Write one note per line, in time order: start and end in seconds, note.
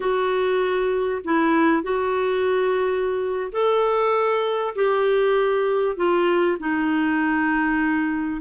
0.00 1.22 F#4
1.24 1.83 E4
1.83 3.51 F#4
3.51 4.74 A4
4.75 5.96 G4
5.96 6.57 F4
6.59 8.41 D#4